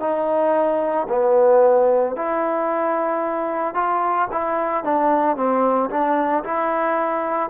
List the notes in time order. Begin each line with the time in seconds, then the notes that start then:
0.00 D#4
1.09 B3
2.16 E4
3.75 F4
4.32 E4
4.84 D4
5.36 C4
5.90 D4
6.44 E4